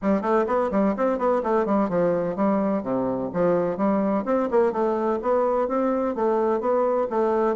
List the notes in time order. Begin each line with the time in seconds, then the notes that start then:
0.02 G3
0.21 A3
0.46 B3
0.71 G3
0.97 C4
1.18 B3
1.43 A3
1.65 G3
1.89 F3
2.36 G3
2.83 C3
3.33 F3
3.77 G3
4.25 C4
4.51 A#3
4.72 A3
5.22 B3
5.68 C4
6.15 A3
6.60 B3
7.10 A3